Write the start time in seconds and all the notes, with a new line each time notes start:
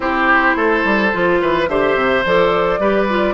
0.00 C4 E4 G4 C5
0.55 A3 A4
0.84 G3
1.12 F3 F4
1.41 E3 B4
1.68 D3 G4 C5 E5
1.95 C3
2.25 F3 A4 D5
2.79 G3 G4 B4
3.09 F4